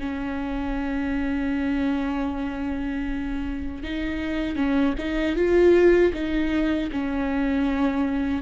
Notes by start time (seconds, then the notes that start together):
0.00 C#4
3.83 D#4
4.56 C#4
4.99 D#4
5.36 F4
6.14 D#4
6.92 C#4